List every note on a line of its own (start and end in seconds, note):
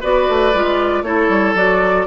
0.00 0.28 B3
0.00 0.53 F#4
0.00 1.03 B4
0.00 1.03 D5
0.28 0.54 A3
0.54 1.02 G#3
0.54 1.04 F4
1.02 1.28 A3
1.02 1.55 E4
1.02 2.07 A4
1.02 1.55 C#5
1.29 1.54 G3
1.54 2.06 F#3
1.54 2.07 F#4
1.54 2.07 D5